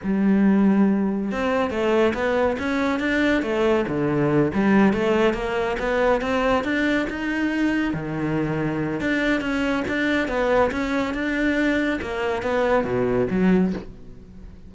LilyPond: \new Staff \with { instrumentName = "cello" } { \time 4/4 \tempo 4 = 140 g2. c'4 | a4 b4 cis'4 d'4 | a4 d4. g4 a8~ | a8 ais4 b4 c'4 d'8~ |
d'8 dis'2 dis4.~ | dis4 d'4 cis'4 d'4 | b4 cis'4 d'2 | ais4 b4 b,4 fis4 | }